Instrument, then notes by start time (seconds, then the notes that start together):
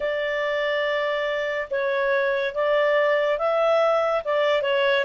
clarinet
0.00 D5
1.70 C#5
2.54 D5
3.38 E5
4.24 D5
4.62 C#5